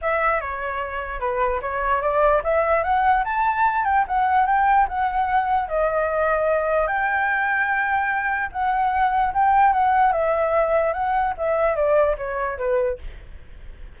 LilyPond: \new Staff \with { instrumentName = "flute" } { \time 4/4 \tempo 4 = 148 e''4 cis''2 b'4 | cis''4 d''4 e''4 fis''4 | a''4. g''8 fis''4 g''4 | fis''2 dis''2~ |
dis''4 g''2.~ | g''4 fis''2 g''4 | fis''4 e''2 fis''4 | e''4 d''4 cis''4 b'4 | }